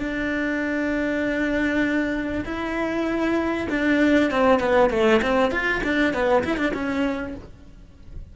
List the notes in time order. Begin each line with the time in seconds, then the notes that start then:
0.00 D4
2.45 E4
3.70 D4
4.31 C4
4.60 B3
4.91 A3
5.22 C4
5.52 F4
5.84 D4
6.14 B3
6.45 E4
6.58 D4
6.74 C#4